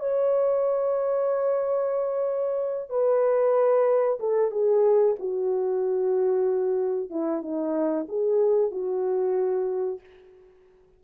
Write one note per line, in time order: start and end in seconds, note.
0.00 2.90 C#5
2.90 4.19 B4
4.20 4.51 A4
4.51 5.16 G#4
5.19 7.10 F#4
7.10 7.42 E4
7.42 8.07 D#4
8.09 8.71 G#4
8.71 10.00 F#4